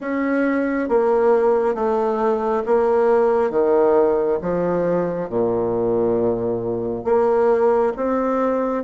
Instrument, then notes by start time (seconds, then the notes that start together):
bassoon
0.00 C#4
0.88 A#3
1.74 A3
2.66 A#3
3.50 D#3
4.41 F3
5.29 A#2
7.04 A#3
7.96 C4